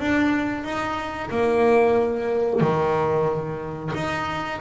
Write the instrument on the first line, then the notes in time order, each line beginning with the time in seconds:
double bass
0.00 D4
0.64 D#4
1.30 A#3
2.60 D#3
3.95 D#4